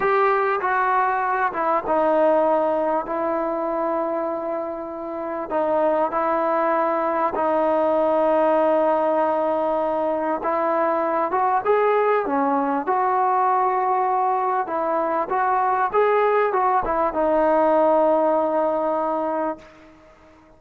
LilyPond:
\new Staff \with { instrumentName = "trombone" } { \time 4/4 \tempo 4 = 98 g'4 fis'4. e'8 dis'4~ | dis'4 e'2.~ | e'4 dis'4 e'2 | dis'1~ |
dis'4 e'4. fis'8 gis'4 | cis'4 fis'2. | e'4 fis'4 gis'4 fis'8 e'8 | dis'1 | }